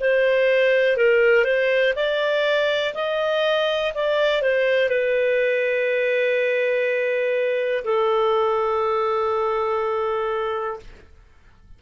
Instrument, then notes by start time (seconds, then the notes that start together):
clarinet
0.00 C5
0.97 A#4
1.44 C5
1.95 D5
2.94 D#5
3.94 D5
4.42 C5
4.89 B4
7.84 A4